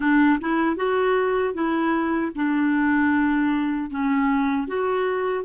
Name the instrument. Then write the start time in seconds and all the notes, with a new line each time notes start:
clarinet
0.00 D4
0.40 E4
0.76 F#4
1.54 E4
2.35 D4
3.90 C#4
4.67 F#4